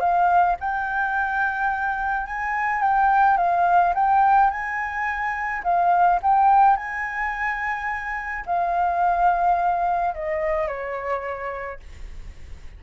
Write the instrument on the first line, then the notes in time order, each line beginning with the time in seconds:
flute
0.00 F5
0.60 G5
2.26 G#5
2.82 G5
3.37 F5
3.94 G5
4.50 G#5
5.64 F5
6.22 G5
6.76 G#5
8.46 F5
10.14 D#5
10.67 C#5